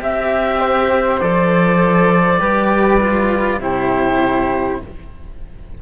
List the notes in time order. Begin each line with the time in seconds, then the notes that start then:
0.00 C4 G4 E5
0.60 C5
1.21 F3 A4 D5
2.40 G3 G4 B4
3.01 F4
3.59 C3 E4 G4 C5